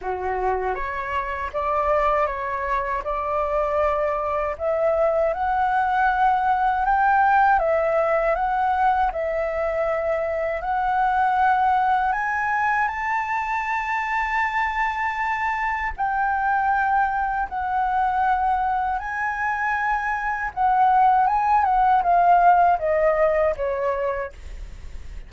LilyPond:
\new Staff \with { instrumentName = "flute" } { \time 4/4 \tempo 4 = 79 fis'4 cis''4 d''4 cis''4 | d''2 e''4 fis''4~ | fis''4 g''4 e''4 fis''4 | e''2 fis''2 |
gis''4 a''2.~ | a''4 g''2 fis''4~ | fis''4 gis''2 fis''4 | gis''8 fis''8 f''4 dis''4 cis''4 | }